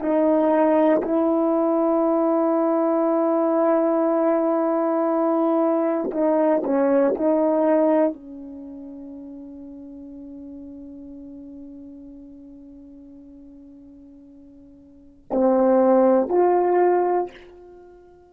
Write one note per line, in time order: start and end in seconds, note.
0.00 1.02 D#4
1.02 6.11 E4
6.12 6.63 D#4
6.64 7.15 C#4
7.16 8.14 D#4
8.14 15.25 C#4
15.31 16.29 C4
16.29 17.31 F4